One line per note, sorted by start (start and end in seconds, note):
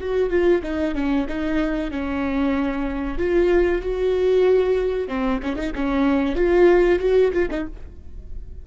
0.00 0.30 F#4
0.30 0.62 F4
0.62 0.94 D#4
0.94 1.26 C#4
1.28 1.90 D#4
1.90 3.18 C#4
3.18 3.81 F4
3.81 5.08 F#4
5.08 5.39 C4
5.42 5.56 C#4
5.56 5.72 D#4
5.75 6.35 C#4
6.35 6.99 F4
6.99 7.31 F#4
7.33 7.49 F4
7.50 7.66 D#4